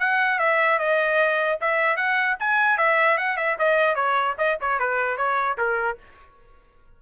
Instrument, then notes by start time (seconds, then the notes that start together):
trumpet
0.00 F#5
0.39 E5
0.79 D#5
1.61 E5
1.97 F#5
2.40 G#5
2.78 E5
3.18 F#5
3.37 E5
3.59 D#5
3.96 C#5
4.38 D#5
4.61 C#5
4.79 B4
5.17 C#5
5.58 A#4